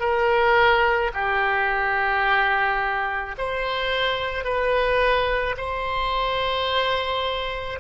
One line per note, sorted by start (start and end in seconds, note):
0.00 1.11 A#4
1.14 3.36 G4
3.38 4.44 C5
4.44 5.56 B4
5.57 7.79 C5